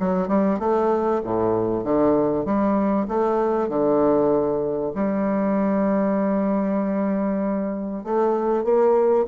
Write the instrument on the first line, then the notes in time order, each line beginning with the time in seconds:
bassoon
0.00 F#3
0.29 G3
0.60 A3
1.25 A2
1.84 D3
2.45 G3
3.09 A3
3.69 D3
4.95 G3
8.04 A3
8.64 A#3